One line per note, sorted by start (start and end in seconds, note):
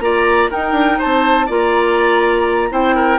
0.00 0.49 A#3
0.00 0.50 F4
0.00 0.50 D5
0.00 0.49 A#5
0.50 1.48 D#4
0.50 0.72 D#4
0.50 0.98 A#4
0.50 1.00 G5
0.72 0.96 D4
0.98 1.49 C4
0.98 1.46 C5
0.98 1.50 A5
1.46 2.71 A#3
1.46 2.70 F4
1.46 2.68 D5
1.46 2.73 A#5
2.70 3.19 C4
2.70 3.19 E4
2.70 2.96 C5
2.70 3.19 G5
2.96 3.19 A#4